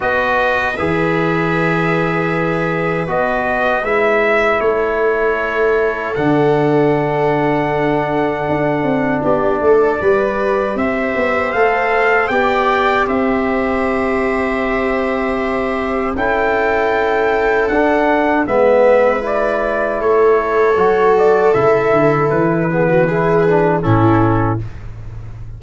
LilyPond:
<<
  \new Staff \with { instrumentName = "trumpet" } { \time 4/4 \tempo 4 = 78 dis''4 e''2. | dis''4 e''4 cis''2 | fis''1 | d''2 e''4 f''4 |
g''4 e''2.~ | e''4 g''2 fis''4 | e''4 d''4 cis''4. d''8 | e''4 b'2 a'4 | }
  \new Staff \with { instrumentName = "viola" } { \time 4/4 b'1~ | b'2 a'2~ | a'1 | g'8 a'8 b'4 c''2 |
d''4 c''2.~ | c''4 a'2. | b'2 a'2~ | a'4. gis'16 fis'16 gis'4 e'4 | }
  \new Staff \with { instrumentName = "trombone" } { \time 4/4 fis'4 gis'2. | fis'4 e'2. | d'1~ | d'4 g'2 a'4 |
g'1~ | g'4 e'2 d'4 | b4 e'2 fis'4 | e'4. b8 e'8 d'8 cis'4 | }
  \new Staff \with { instrumentName = "tuba" } { \time 4/4 b4 e2. | b4 gis4 a2 | d2. d'8 c'8 | b8 a8 g4 c'8 b8 a4 |
b4 c'2.~ | c'4 cis'2 d'4 | gis2 a4 fis4 | cis8 d8 e2 a,4 | }
>>